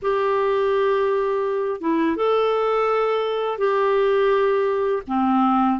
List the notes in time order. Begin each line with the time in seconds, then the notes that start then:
0.02 G4
1.81 E4
2.16 A4
3.58 G4
5.07 C4